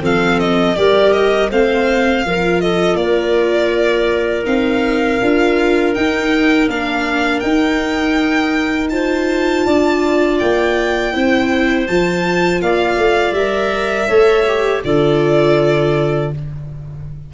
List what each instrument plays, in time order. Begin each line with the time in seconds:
0.00 tuba F3, viola C4, clarinet A4, violin F5
0.39 violin D#5
0.76 tuba G3, viola G4, clarinet A#4, violin D5
1.12 violin D#5
1.50 tuba A3, viola C4, clarinet C5, violin F5
2.25 tuba F3, viola F4, clarinet A#4
2.60 clarinet A4, violin D#5
2.95 tuba A#3, clarinet A#4, violin D5
4.44 tuba C4, viola D#4, violin F5
5.22 tuba D4, viola F4
5.94 viola D#4, tuba D#4, violin G5
6.68 tuba A#3, viola D4, violin F5
7.40 tuba D#4, viola D#4, violin G5
8.90 viola F4, clarinet C5, violin A5
9.66 tuba D4, clarinet D5
10.39 tuba A#3, violin G5
11.13 tuba C4, viola E4, clarinet C5
11.87 tuba F3, viola F4, violin A5
12.62 tuba A#3, clarinet D5, violin F5
12.97 tuba A3
13.32 tuba G3, viola A#4, violin E5
14.08 tuba A3, viola A4, clarinet C#5
14.47 viola G4
14.84 tuba D3, viola F4, clarinet A4, violin D5